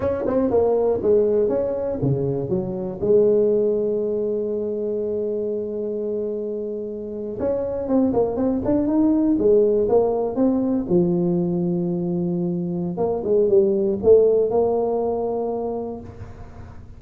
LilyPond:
\new Staff \with { instrumentName = "tuba" } { \time 4/4 \tempo 4 = 120 cis'8 c'8 ais4 gis4 cis'4 | cis4 fis4 gis2~ | gis1~ | gis2~ gis8. cis'4 c'16~ |
c'16 ais8 c'8 d'8 dis'4 gis4 ais16~ | ais8. c'4 f2~ f16~ | f2 ais8 gis8 g4 | a4 ais2. | }